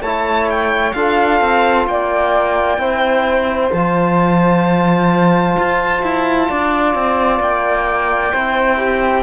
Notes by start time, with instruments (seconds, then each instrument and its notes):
0.00 cello A3, trombone E4, flute C#5, violin A5
0.50 violin G5
0.93 cello D4, trombone F4, flute A4, violin F5
1.41 cello C4
1.87 cello A#3, flute D5, violin G5
2.78 cello C4, trombone E4, flute C5
3.72 cello F3, trombone F4, violin A5
5.58 cello F4
6.02 cello E4
6.49 cello D4, flute D5
6.94 cello C4
7.39 cello A#3, violin G5
8.33 cello C4, trombone E4, flute C5
8.77 flute G4